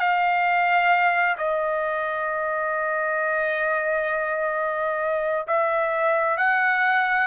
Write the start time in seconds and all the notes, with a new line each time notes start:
0.00 F5
1.38 D#5
5.48 E5
6.38 F#5